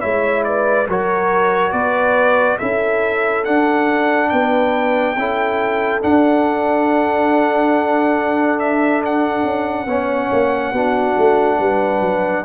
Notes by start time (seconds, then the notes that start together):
0.00 G#3 E4 C#5 E5
0.44 B4 D5
0.87 F#3 F#4 A#4 C#5
1.72 B3 B4 D5
2.58 C#4 E4 A4 E5
3.44 D4 F#5
4.29 B3 B4 G5
5.17 C#4 E4 A4
6.01 D4 F#5
8.59 E5
9.05 F#5
9.43 C#4
9.86 B3 C#4 C#5
10.31 A#3
10.71 B3 D4 F#4
11.17 A3
11.58 G3 B4
12.01 F#3